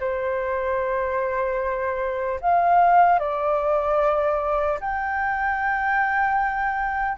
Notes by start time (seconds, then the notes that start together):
0.00 C5
2.40 F5
3.19 D5
4.80 G5